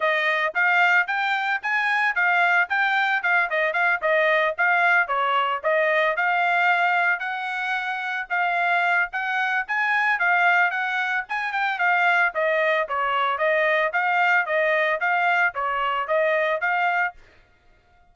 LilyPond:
\new Staff \with { instrumentName = "trumpet" } { \time 4/4 \tempo 4 = 112 dis''4 f''4 g''4 gis''4 | f''4 g''4 f''8 dis''8 f''8 dis''8~ | dis''8 f''4 cis''4 dis''4 f''8~ | f''4. fis''2 f''8~ |
f''4 fis''4 gis''4 f''4 | fis''4 gis''8 g''8 f''4 dis''4 | cis''4 dis''4 f''4 dis''4 | f''4 cis''4 dis''4 f''4 | }